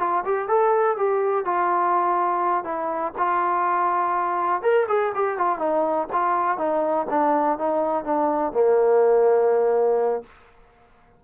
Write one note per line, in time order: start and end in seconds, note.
0.00 0.24 F4
0.25 0.49 G4
0.49 0.97 A4
0.97 1.45 G4
1.45 2.65 F4
2.65 3.13 E4
3.18 4.63 F4
4.63 4.87 A#4
4.89 5.13 G#4
5.15 5.38 G4
5.38 5.59 F4
5.59 6.08 D#4
6.13 6.58 F4
6.58 7.07 D#4
7.10 7.59 D4
7.59 8.04 D#4
8.04 8.53 D4
8.53 10.24 A#3